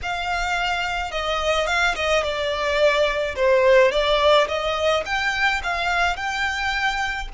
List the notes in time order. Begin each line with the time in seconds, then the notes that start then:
0.02 F5
1.11 D#5
1.66 F5
1.95 D#5
2.23 D5
3.35 C5
3.91 D5
4.48 D#5
5.05 G5
5.63 F5
6.16 G5